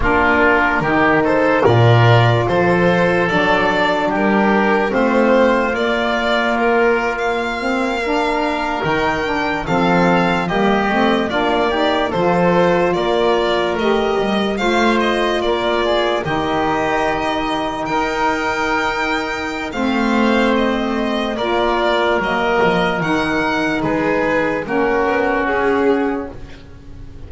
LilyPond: <<
  \new Staff \with { instrumentName = "violin" } { \time 4/4 \tempo 4 = 73 ais'4. c''8 d''4 c''4 | d''4 ais'4 c''4 d''4 | ais'8. f''2 g''4 f''16~ | f''8. dis''4 d''4 c''4 d''16~ |
d''8. dis''4 f''8 dis''8 d''4 dis''16~ | dis''4.~ dis''16 g''2~ g''16 | f''4 dis''4 d''4 dis''4 | fis''4 b'4 ais'4 gis'4 | }
  \new Staff \with { instrumentName = "oboe" } { \time 4/4 f'4 g'8 a'8 ais'4 a'4~ | a'4 g'4 f'2~ | f'4.~ f'16 ais'2 a'16~ | a'8. g'4 f'8 g'8 a'4 ais'16~ |
ais'4.~ ais'16 c''4 ais'8 gis'8 g'16~ | g'4.~ g'16 ais'2~ ais'16 | c''2 ais'2~ | ais'4 gis'4 fis'2 | }
  \new Staff \with { instrumentName = "saxophone" } { \time 4/4 d'4 dis'4 f'2 | d'2 c'4 ais4~ | ais4~ ais16 c'8 d'4 dis'8 d'8 c'16~ | c'8. ais8 c'8 d'8 dis'8 f'4~ f'16~ |
f'8. g'4 f'2 dis'16~ | dis'1 | c'2 f'4 ais4 | dis'2 cis'2 | }
  \new Staff \with { instrumentName = "double bass" } { \time 4/4 ais4 dis4 ais,4 f4 | fis4 g4 a4 ais4~ | ais2~ ais8. dis4 f16~ | f8. g8 a8 ais4 f4 ais16~ |
ais8. a8 g8 a4 ais4 dis16~ | dis4.~ dis16 dis'2~ dis'16 | a2 ais4 fis8 f8 | dis4 gis4 ais8 b8 cis'4 | }
>>